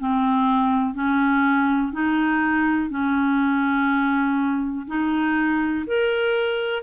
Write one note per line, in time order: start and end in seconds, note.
0.00 0.94 C4
0.94 1.93 C#4
1.93 2.90 D#4
2.90 4.87 C#4
4.87 5.86 D#4
5.87 6.83 A#4